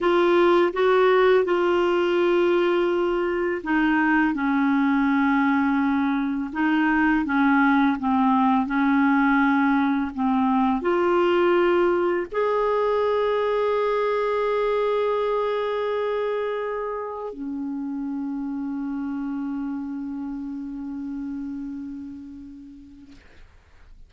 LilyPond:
\new Staff \with { instrumentName = "clarinet" } { \time 4/4 \tempo 4 = 83 f'4 fis'4 f'2~ | f'4 dis'4 cis'2~ | cis'4 dis'4 cis'4 c'4 | cis'2 c'4 f'4~ |
f'4 gis'2.~ | gis'1 | cis'1~ | cis'1 | }